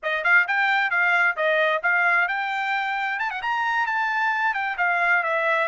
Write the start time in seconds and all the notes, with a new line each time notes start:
0.02 D#5
0.24 F5
0.47 G5
0.90 F5
1.36 D#5
1.82 F5
2.28 G5
3.19 A5
3.30 F#5
3.42 A#5
3.86 A5
4.53 G5
4.77 F5
5.23 E5